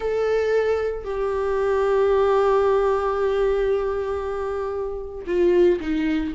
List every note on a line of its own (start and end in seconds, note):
0.00 1.04 A4
1.04 5.25 G4
5.26 5.79 F4
5.80 6.33 D#4